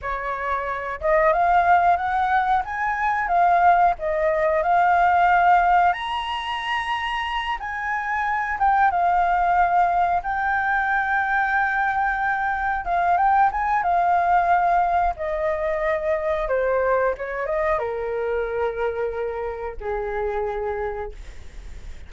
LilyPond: \new Staff \with { instrumentName = "flute" } { \time 4/4 \tempo 4 = 91 cis''4. dis''8 f''4 fis''4 | gis''4 f''4 dis''4 f''4~ | f''4 ais''2~ ais''8 gis''8~ | gis''4 g''8 f''2 g''8~ |
g''2.~ g''8 f''8 | g''8 gis''8 f''2 dis''4~ | dis''4 c''4 cis''8 dis''8 ais'4~ | ais'2 gis'2 | }